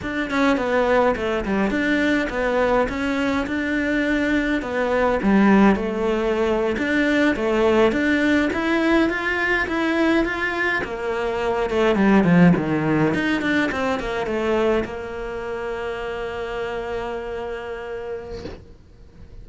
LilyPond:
\new Staff \with { instrumentName = "cello" } { \time 4/4 \tempo 4 = 104 d'8 cis'8 b4 a8 g8 d'4 | b4 cis'4 d'2 | b4 g4 a4.~ a16 d'16~ | d'8. a4 d'4 e'4 f'16~ |
f'8. e'4 f'4 ais4~ ais16~ | ais16 a8 g8 f8 dis4 dis'8 d'8 c'16~ | c'16 ais8 a4 ais2~ ais16~ | ais1 | }